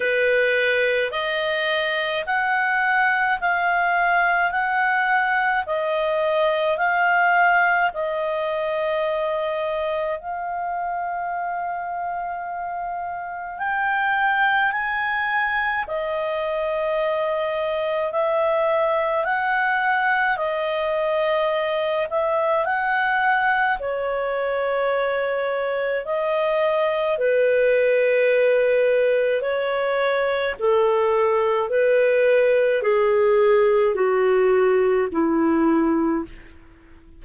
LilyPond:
\new Staff \with { instrumentName = "clarinet" } { \time 4/4 \tempo 4 = 53 b'4 dis''4 fis''4 f''4 | fis''4 dis''4 f''4 dis''4~ | dis''4 f''2. | g''4 gis''4 dis''2 |
e''4 fis''4 dis''4. e''8 | fis''4 cis''2 dis''4 | b'2 cis''4 a'4 | b'4 gis'4 fis'4 e'4 | }